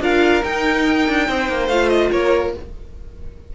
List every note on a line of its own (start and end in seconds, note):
0.00 0.42 D4
0.00 0.43 F4
0.00 1.28 A#4
0.00 0.44 F5
0.43 1.69 D#4
0.43 1.08 D#4
0.43 1.68 G5
1.08 1.28 D4
1.28 1.49 C4
1.28 2.11 C5
1.49 1.68 A#3
1.68 2.10 A3
1.68 2.55 F4
1.68 1.89 F5
1.89 2.10 D#5
2.11 2.54 A#3
2.11 2.53 A#4
2.11 2.53 C#5